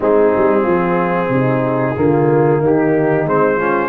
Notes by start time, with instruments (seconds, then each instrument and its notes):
0.00 tuba G#3, trombone C4, horn D#4, trumpet G#4
0.36 tuba G3
0.61 tuba F3, horn F4
1.29 tuba C3, horn D#4
1.95 tuba D3, trombone A#3, horn F4
2.60 tuba D#3, horn D#4, trumpet G4
3.25 tuba G#3, trombone C4, trumpet C5
3.56 trombone C#4, horn F4